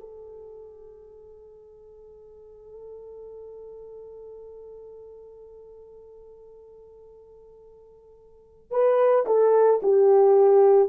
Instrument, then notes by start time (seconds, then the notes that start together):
horn
0.00 A4
8.71 B4
9.26 A4
9.83 G4